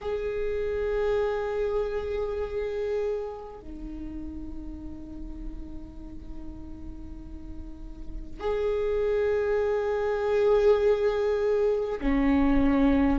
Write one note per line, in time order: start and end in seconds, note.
0.01 3.60 G#4
3.60 8.39 D#4
8.39 11.99 G#4
12.01 13.18 C#4